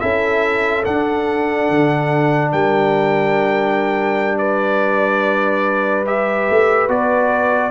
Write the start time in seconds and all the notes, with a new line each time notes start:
0.00 C#4 E4 A4 E5
0.85 D4 F#5
1.70 D3
2.52 G3 A#4 G5
4.38 B4 D5
6.05 G4 E5
6.49 A3
6.88 B3 F#4 D5